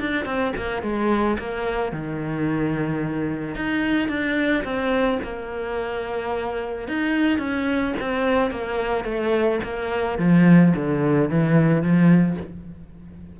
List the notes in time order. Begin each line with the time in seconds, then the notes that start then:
0.00 D4
0.26 C4
0.57 A#3
0.83 G#3
1.39 A#3
1.92 D#3
3.56 D#4
4.09 D4
4.64 C4
5.23 A#3
6.88 D#4
7.39 C#4
8.01 C4
8.51 A#3
9.05 A3
9.64 A#3
10.19 F3
10.76 D3
11.30 E3
11.83 F3